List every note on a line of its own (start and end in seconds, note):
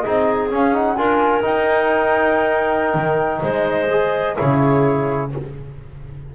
0.00 0.52 C4
0.00 0.49 D#4
0.00 0.96 G#4
0.00 0.47 D#5
0.49 0.72 C#4
0.49 0.97 C#4
0.49 0.74 F5
0.72 0.96 D#4
0.72 0.96 F#5
0.96 1.43 D4
0.96 1.41 F4
0.96 3.41 A#4
0.96 1.43 G#5
1.41 3.87 D#4
1.41 2.94 D#4
1.41 3.43 G5
2.94 3.41 D#3
3.41 4.36 G#3
3.41 4.35 C5
3.41 4.36 D#5
3.90 4.36 G#4
4.35 5.34 C#3
4.35 5.30 E4
4.35 5.29 G#4
4.35 5.30 C#5